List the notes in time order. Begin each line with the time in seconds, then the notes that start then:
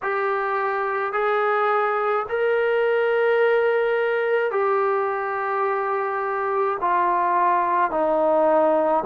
0.02 G4
1.12 G#4
2.28 A#4
4.51 G4
6.80 F4
7.90 D#4